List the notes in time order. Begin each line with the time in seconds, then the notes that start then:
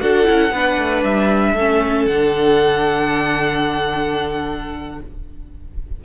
0.00 D4 F#4 A4 F#5
0.24 C#4 E4
0.51 B3 D4 B4
0.78 A3
1.03 G3 E5
1.53 A3 C#4 A4
2.05 D3 D4 F#5